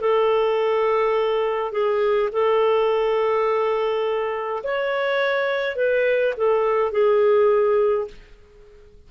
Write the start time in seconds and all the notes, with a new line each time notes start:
0.00 A4
1.72 G#4
2.32 A4
4.63 C#5
5.76 B4
6.37 A4
6.92 G#4